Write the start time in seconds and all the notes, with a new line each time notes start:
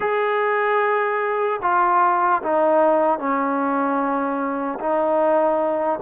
0.00 G#4
1.61 F4
2.43 D#4
3.18 C#4
4.79 D#4